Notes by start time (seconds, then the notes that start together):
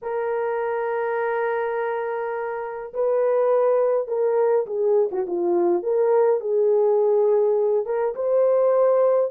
0.02 A#4
2.93 B4
4.07 A#4
4.66 G#4
5.11 F#4
5.26 F4
5.82 A#4
6.40 G#4
7.85 A#4
8.15 C5